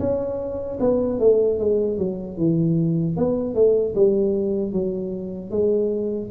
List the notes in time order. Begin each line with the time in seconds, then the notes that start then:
0.00 C#4
0.80 B3
1.20 A3
1.59 G#3
1.98 F#3
2.38 E3
3.17 B3
3.55 A3
3.95 G3
4.73 F#3
5.51 G#3